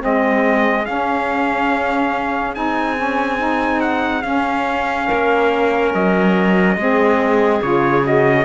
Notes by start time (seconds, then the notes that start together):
0.00 G#3 C4 G#4 D#5
0.86 C#4 F5
2.55 C4 D#4 G#5
2.96 C#4
3.38 D#4
3.81 F#5
4.22 C#4 F5
5.08 A#3 A#4
5.94 F#3 D#5
6.77 G#3 C4 G#4
7.62 C#3 F4 C#5
8.02 F#4 D#5